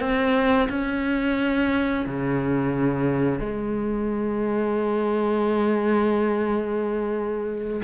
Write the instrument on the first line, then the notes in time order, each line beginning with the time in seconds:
cello
0.00 C4
0.69 C#4
2.06 C#3
3.39 G#3